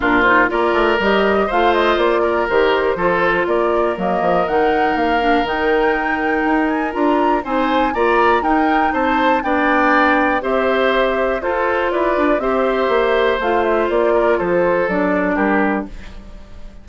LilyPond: <<
  \new Staff \with { instrumentName = "flute" } { \time 4/4 \tempo 4 = 121 ais'8 c''8 d''4 dis''4 f''8 dis''8 | d''4 c''2 d''4 | dis''4 fis''4 f''4 g''4~ | g''4. gis''8 ais''4 gis''4 |
ais''4 g''4 a''4 g''4~ | g''4 e''2 c''4 | d''4 e''2 f''8 e''8 | d''4 c''4 d''4 ais'4 | }
  \new Staff \with { instrumentName = "oboe" } { \time 4/4 f'4 ais'2 c''4~ | c''8 ais'4. a'4 ais'4~ | ais'1~ | ais'2. c''4 |
d''4 ais'4 c''4 d''4~ | d''4 c''2 a'4 | b'4 c''2.~ | c''8 ais'8 a'2 g'4 | }
  \new Staff \with { instrumentName = "clarinet" } { \time 4/4 d'8 dis'8 f'4 g'4 f'4~ | f'4 g'4 f'2 | ais4 dis'4. d'8 dis'4~ | dis'2 f'4 dis'4 |
f'4 dis'2 d'4~ | d'4 g'2 f'4~ | f'4 g'2 f'4~ | f'2 d'2 | }
  \new Staff \with { instrumentName = "bassoon" } { \time 4/4 ais,4 ais8 a8 g4 a4 | ais4 dis4 f4 ais4 | fis8 f8 dis4 ais4 dis4~ | dis4 dis'4 d'4 c'4 |
ais4 dis'4 c'4 b4~ | b4 c'2 f'4 | e'8 d'8 c'4 ais4 a4 | ais4 f4 fis4 g4 | }
>>